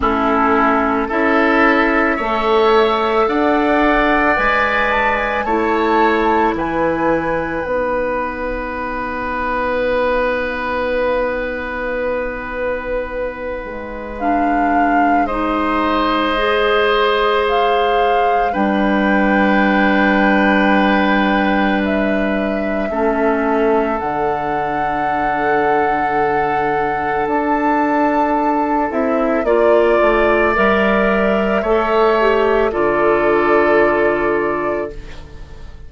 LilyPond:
<<
  \new Staff \with { instrumentName = "flute" } { \time 4/4 \tempo 4 = 55 a'4 e''2 fis''4 | gis''8 a''16 gis''16 a''4 gis''4 fis''4~ | fis''1~ | fis''4 f''4 dis''2 |
f''4 g''2. | e''2 fis''2~ | fis''4 a''4. e''8 d''4 | e''2 d''2 | }
  \new Staff \with { instrumentName = "oboe" } { \time 4/4 e'4 a'4 cis''4 d''4~ | d''4 cis''4 b'2~ | b'1~ | b'2 c''2~ |
c''4 b'2.~ | b'4 a'2.~ | a'2. d''4~ | d''4 cis''4 a'2 | }
  \new Staff \with { instrumentName = "clarinet" } { \time 4/4 cis'4 e'4 a'2 | b'4 e'2 dis'4~ | dis'1~ | dis'4 d'4 dis'4 gis'4~ |
gis'4 d'2.~ | d'4 cis'4 d'2~ | d'2~ d'8 e'8 f'4 | ais'4 a'8 g'8 f'2 | }
  \new Staff \with { instrumentName = "bassoon" } { \time 4/4 a4 cis'4 a4 d'4 | gis4 a4 e4 b4~ | b1~ | b8 gis2.~ gis8~ |
gis4 g2.~ | g4 a4 d2~ | d4 d'4. c'8 ais8 a8 | g4 a4 d2 | }
>>